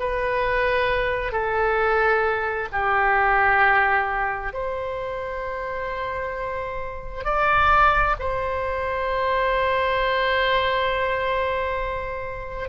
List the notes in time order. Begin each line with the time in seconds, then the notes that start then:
0.00 B4
1.32 A4
2.72 G4
4.54 C5
7.25 D5
8.19 C5